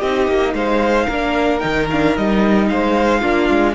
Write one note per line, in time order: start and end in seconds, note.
0.00 0.28 C4
0.00 1.10 D#4
0.00 0.54 G4
0.00 0.54 D#5
0.28 0.53 A#3
0.53 1.07 G#3
0.53 1.06 C5
0.53 1.59 F5
1.06 1.62 A#3
1.06 1.61 D4
1.06 2.67 A#4
1.59 2.17 D#3
1.59 1.88 D#4
1.59 1.86 G5
1.90 2.16 D4
1.90 2.17 F5
2.16 2.70 G3
2.16 3.22 D#4
2.16 2.69 D#5
2.69 3.22 G#3
2.69 3.21 C5
2.69 3.75 F5
3.21 3.49 A#3
3.21 3.75 D4
3.21 3.74 F4
3.50 3.75 G#3